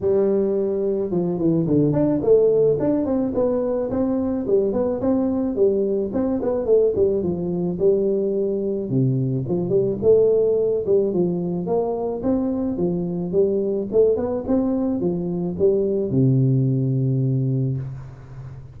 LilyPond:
\new Staff \with { instrumentName = "tuba" } { \time 4/4 \tempo 4 = 108 g2 f8 e8 d8 d'8 | a4 d'8 c'8 b4 c'4 | g8 b8 c'4 g4 c'8 b8 | a8 g8 f4 g2 |
c4 f8 g8 a4. g8 | f4 ais4 c'4 f4 | g4 a8 b8 c'4 f4 | g4 c2. | }